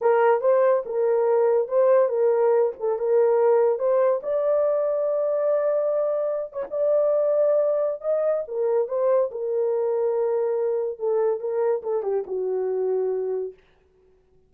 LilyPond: \new Staff \with { instrumentName = "horn" } { \time 4/4 \tempo 4 = 142 ais'4 c''4 ais'2 | c''4 ais'4. a'8 ais'4~ | ais'4 c''4 d''2~ | d''2.~ d''8 cis''16 d''16~ |
d''2. dis''4 | ais'4 c''4 ais'2~ | ais'2 a'4 ais'4 | a'8 g'8 fis'2. | }